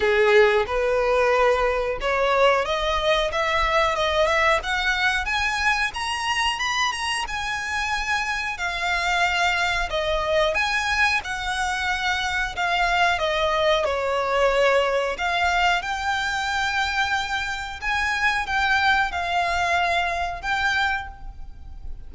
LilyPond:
\new Staff \with { instrumentName = "violin" } { \time 4/4 \tempo 4 = 91 gis'4 b'2 cis''4 | dis''4 e''4 dis''8 e''8 fis''4 | gis''4 ais''4 b''8 ais''8 gis''4~ | gis''4 f''2 dis''4 |
gis''4 fis''2 f''4 | dis''4 cis''2 f''4 | g''2. gis''4 | g''4 f''2 g''4 | }